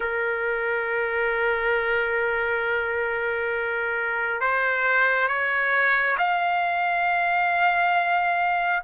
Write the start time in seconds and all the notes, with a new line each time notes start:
0.00 A#4
4.40 C5
5.27 C#5
6.18 F5